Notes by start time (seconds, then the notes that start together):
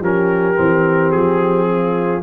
0.00 F3 C#4 G4 A#4
0.55 E3 C4
1.11 F3 G#4
1.70 F4